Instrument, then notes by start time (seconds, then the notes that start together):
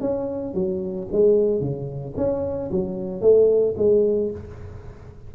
tuba
0.00 C#4
0.54 F#3
1.12 G#3
1.60 C#3
2.16 C#4
2.71 F#3
3.21 A3
3.77 G#3